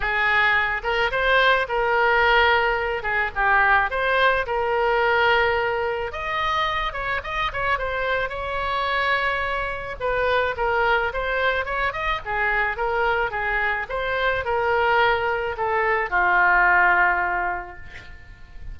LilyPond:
\new Staff \with { instrumentName = "oboe" } { \time 4/4 \tempo 4 = 108 gis'4. ais'8 c''4 ais'4~ | ais'4. gis'8 g'4 c''4 | ais'2. dis''4~ | dis''8 cis''8 dis''8 cis''8 c''4 cis''4~ |
cis''2 b'4 ais'4 | c''4 cis''8 dis''8 gis'4 ais'4 | gis'4 c''4 ais'2 | a'4 f'2. | }